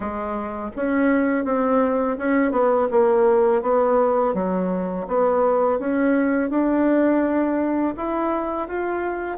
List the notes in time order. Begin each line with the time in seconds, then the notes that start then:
0.00 G#3
0.76 C#4
1.45 C4
2.18 C#4
2.51 B3
2.90 A#3
3.62 B3
4.34 F#3
5.07 B3
5.79 C#4
6.50 D4
7.96 E4
8.67 F4